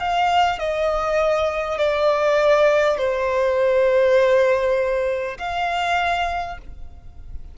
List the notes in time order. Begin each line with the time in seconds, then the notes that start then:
0.00 F5
0.59 D#5
1.78 D5
2.98 C5
5.39 F5